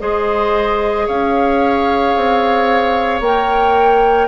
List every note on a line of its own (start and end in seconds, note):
0.00 1.08 G#3
0.00 3.21 G#4
0.00 1.06 C5
0.00 1.08 D#5
1.06 2.16 C#4
1.06 4.28 C#5
1.06 3.22 F5
2.16 3.21 C4
3.21 4.28 A#3
3.21 4.28 A#4
3.21 4.28 G5